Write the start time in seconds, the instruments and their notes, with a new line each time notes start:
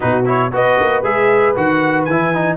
0.00 tuba B2, trombone D#4, horn F#4, trumpet B4
0.25 trombone E4, trumpet C#5
0.52 tuba B3, trombone F#4, horn B4, trumpet D#5
0.80 tuba A#3
1.02 tuba G#3, trombone G#4, trumpet E5
1.55 tuba D#3, trombone F#4, trumpet F#5
2.05 tuba E3, trombone E4, trumpet G#5
2.34 trombone D#4